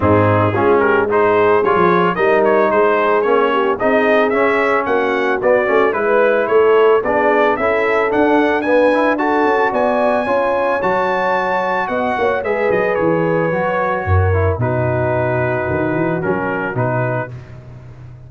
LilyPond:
<<
  \new Staff \with { instrumentName = "trumpet" } { \time 4/4 \tempo 4 = 111 gis'4. ais'8 c''4 cis''4 | dis''8 cis''8 c''4 cis''4 dis''4 | e''4 fis''4 d''4 b'4 | cis''4 d''4 e''4 fis''4 |
gis''4 a''4 gis''2 | a''2 fis''4 e''8 dis''8 | cis''2. b'4~ | b'2 ais'4 b'4 | }
  \new Staff \with { instrumentName = "horn" } { \time 4/4 dis'4 f'8 g'8 gis'2 | ais'4 gis'4. g'8 gis'4~ | gis'4 fis'2 b'4 | a'4 gis'4 a'2 |
b'4 a'4 d''4 cis''4~ | cis''2 dis''8 cis''8 b'4~ | b'2 ais'4 fis'4~ | fis'1 | }
  \new Staff \with { instrumentName = "trombone" } { \time 4/4 c'4 cis'4 dis'4 f'4 | dis'2 cis'4 dis'4 | cis'2 b8 cis'8 e'4~ | e'4 d'4 e'4 d'4 |
b8 e'8 fis'2 f'4 | fis'2. gis'4~ | gis'4 fis'4. e'8 dis'4~ | dis'2 cis'4 dis'4 | }
  \new Staff \with { instrumentName = "tuba" } { \time 4/4 gis,4 gis2 g16 f8. | g4 gis4 ais4 c'4 | cis'4 ais4 b8 a8 gis4 | a4 b4 cis'4 d'4~ |
d'4. cis'8 b4 cis'4 | fis2 b8 ais8 gis8 fis8 | e4 fis4 fis,4 b,4~ | b,4 dis8 e8 fis4 b,4 | }
>>